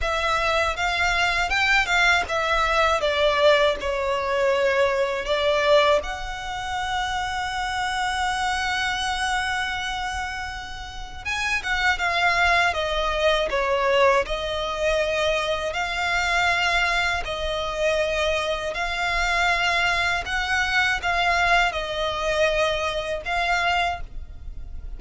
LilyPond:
\new Staff \with { instrumentName = "violin" } { \time 4/4 \tempo 4 = 80 e''4 f''4 g''8 f''8 e''4 | d''4 cis''2 d''4 | fis''1~ | fis''2. gis''8 fis''8 |
f''4 dis''4 cis''4 dis''4~ | dis''4 f''2 dis''4~ | dis''4 f''2 fis''4 | f''4 dis''2 f''4 | }